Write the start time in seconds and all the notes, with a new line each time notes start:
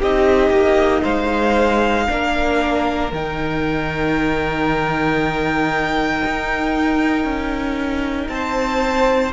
0.00 C4 D#4 G4 D#5
0.50 A#3
1.02 G#3 C5 F5
2.08 A#3 D4 A#4
3.12 D#3 D#4 G5
6.24 D#4
7.24 C#4
8.28 C4 C5 A5